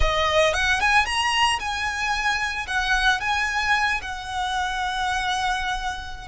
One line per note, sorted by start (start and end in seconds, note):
0.00 0.53 D#5
0.53 0.80 F#5
0.80 1.05 G#5
1.05 1.59 A#5
1.59 2.66 G#5
2.67 3.20 F#5
3.20 4.00 G#5
4.01 6.27 F#5